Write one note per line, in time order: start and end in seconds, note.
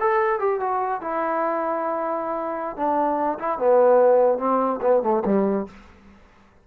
0.00 0.40 A4
0.40 0.60 G4
0.60 1.01 F#4
1.01 2.77 E4
2.77 3.39 D4
3.39 3.59 E4
3.59 4.39 B3
4.39 4.80 C4
4.82 5.03 B3
5.03 5.23 A3
5.26 5.67 G3